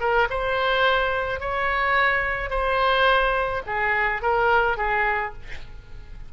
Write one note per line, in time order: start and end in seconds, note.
0.00 0.28 A#4
0.30 1.40 C5
1.40 2.50 C#5
2.50 3.62 C5
3.67 4.22 G#4
4.22 4.77 A#4
4.77 5.33 G#4